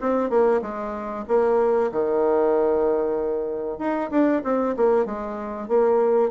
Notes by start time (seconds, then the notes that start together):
0.00 C4
0.29 A#3
0.61 G#3
1.27 A#3
1.91 D#3
3.78 D#4
4.10 D4
4.43 C4
4.76 A#3
5.05 G#3
5.68 A#3